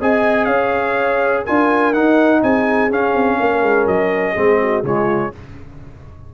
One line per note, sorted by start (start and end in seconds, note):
0.00 0.46 C4
0.00 1.46 G#4
0.00 0.46 D#5
0.00 0.45 G#5
0.45 1.43 C#4
0.45 1.43 C#5
0.45 1.41 F5
1.43 1.93 D4
1.43 1.94 F4
1.43 2.40 A#4
1.43 1.93 G#5
1.93 2.41 D#4
1.93 2.90 D#4
1.93 2.42 F#5
2.43 2.90 C4
2.43 3.38 G#4
2.43 2.91 G#5
2.90 3.13 C#4
2.90 4.35 C#4
2.90 3.87 F5
3.13 3.37 C4
3.38 3.62 A#3
3.38 4.34 A#4
3.62 3.86 G#3
3.86 4.35 F#3
3.86 4.84 D#5
4.34 4.83 G#3
4.34 4.84 C4
4.34 4.58 G#4
4.61 4.85 F#4
4.83 5.31 C#3
4.83 5.32 G#3
4.83 5.33 F4
4.83 5.34 C#5